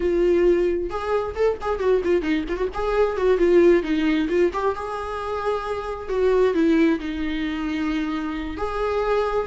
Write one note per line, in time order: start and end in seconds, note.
0.00 0.89 F4
0.89 1.35 G#4
1.35 1.57 A4
1.61 1.79 G#4
1.79 2.01 F#4
2.04 2.22 F4
2.22 2.44 D#4
2.48 2.56 F4
2.56 2.68 F#4
2.74 3.16 G#4
3.16 3.37 F#4
3.37 3.82 F4
3.82 4.28 D#4
4.29 4.51 F4
4.53 4.75 G4
4.75 6.08 G#4
6.08 6.54 F#4
6.54 6.99 E4
6.99 8.57 D#4
8.57 9.46 G#4